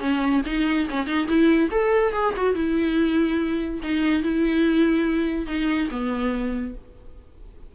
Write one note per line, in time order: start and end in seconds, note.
0.00 0.42 C#4
0.46 0.88 D#4
0.90 1.06 C#4
1.06 1.27 D#4
1.28 1.70 E4
1.71 2.13 A4
2.13 2.34 G#4
2.36 2.55 F#4
2.55 3.80 E4
3.83 4.23 D#4
4.23 5.47 E4
5.47 5.89 D#4
5.91 6.75 B3